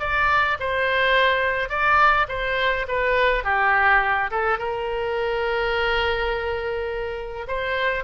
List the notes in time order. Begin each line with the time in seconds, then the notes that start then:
0.00 D5
0.60 C5
1.69 D5
2.29 C5
2.88 B4
3.44 G4
4.31 A4
4.58 A#4
7.48 C5